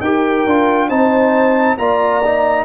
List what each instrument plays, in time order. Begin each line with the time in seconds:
0.00 tuba D#4, trombone G4, horn A#4, trumpet G5
0.46 tuba D4, trombone F4
0.88 tuba C4, trombone D#4, horn C5, trumpet A5
1.78 tuba A#3, trombone F4, horn D5, trumpet A#5
2.24 trombone D#4